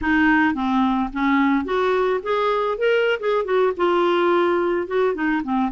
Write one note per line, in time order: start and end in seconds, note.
0.01 0.54 D#4
0.54 1.10 C4
1.12 1.64 C#4
1.64 2.20 F#4
2.22 2.78 G#4
2.78 3.19 A#4
3.19 3.44 G#4
3.44 3.72 F#4
3.76 4.87 F4
4.87 5.14 F#4
5.14 5.42 D#4
5.43 5.71 C4